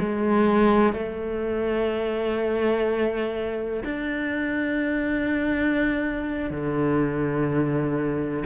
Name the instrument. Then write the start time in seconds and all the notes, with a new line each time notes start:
cello
0.00 G#3
0.94 A3
3.84 D4
6.51 D3